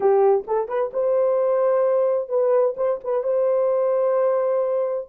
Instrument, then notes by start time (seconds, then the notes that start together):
horn
0.00 G4
0.47 A4
0.68 B4
0.93 C5
2.28 B4
2.76 C5
3.04 B4
3.23 C5